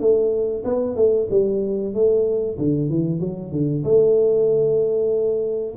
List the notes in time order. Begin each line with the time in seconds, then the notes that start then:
0.00 A3
0.64 B3
0.96 A3
1.31 G3
1.94 A3
2.58 D3
2.90 E3
3.20 F#3
3.52 D3
3.84 A3